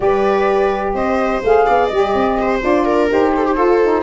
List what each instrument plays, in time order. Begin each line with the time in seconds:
0.00 tuba G3, saxophone G4, viola B4, flute D5
0.94 tuba C4, viola C5, flute D#5
1.43 tuba A3, saxophone G#4, flute F5
1.66 tuba B3, viola D5
1.87 tuba G3, saxophone G4, flute D#5
2.14 tuba C4
2.41 viola C5
2.60 tuba D4, saxophone F4, flute D5
2.85 viola A#4
3.08 tuba D#4, saxophone G4, flute C5
3.36 viola A4
3.46 viola G4
3.54 saxophone F4, tuba F4, viola A4
3.82 saxophone D#4